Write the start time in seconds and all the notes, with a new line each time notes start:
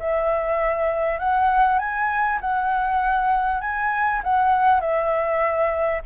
0.00 E5
1.20 F#5
1.79 G#5
2.41 F#5
3.61 G#5
4.24 F#5
4.81 E5